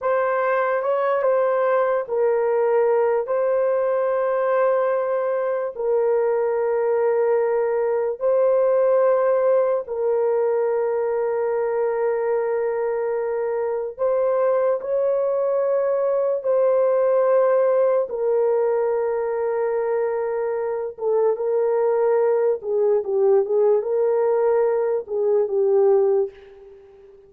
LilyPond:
\new Staff \with { instrumentName = "horn" } { \time 4/4 \tempo 4 = 73 c''4 cis''8 c''4 ais'4. | c''2. ais'4~ | ais'2 c''2 | ais'1~ |
ais'4 c''4 cis''2 | c''2 ais'2~ | ais'4. a'8 ais'4. gis'8 | g'8 gis'8 ais'4. gis'8 g'4 | }